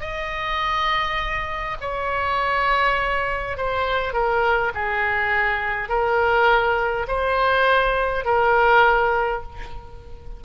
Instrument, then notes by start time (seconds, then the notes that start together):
oboe
0.00 D#5
1.80 C#5
3.57 C5
4.13 A#4
4.74 G#4
5.89 A#4
7.07 C5
8.24 A#4